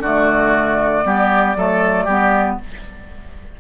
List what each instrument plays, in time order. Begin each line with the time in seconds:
0.00 bassoon D3, clarinet A3, oboe F#4, flute D5
1.05 bassoon G3, clarinet B3, oboe G4
1.56 bassoon F#3, clarinet A3, oboe A4
2.05 bassoon G3, clarinet B3, oboe G4